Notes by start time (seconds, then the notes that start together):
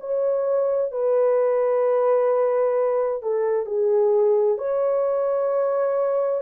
0.00 C#5
0.92 B4
3.22 A4
3.66 G#4
4.58 C#5